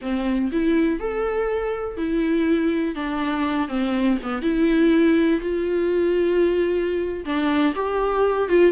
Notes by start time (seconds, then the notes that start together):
0.01 C4
0.51 E4
0.99 A4
1.97 E4
2.95 D4
3.68 C4
4.22 B3
4.42 E4
5.40 F4
7.25 D4
7.75 G4
8.48 F4